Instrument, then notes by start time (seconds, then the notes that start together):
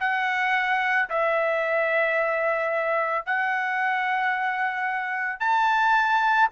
trumpet
0.00 F#5
1.10 E5
3.26 F#5
5.40 A5